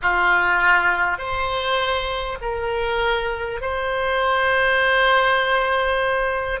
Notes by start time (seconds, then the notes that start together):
0.02 F4
1.18 C5
2.41 A#4
3.61 C5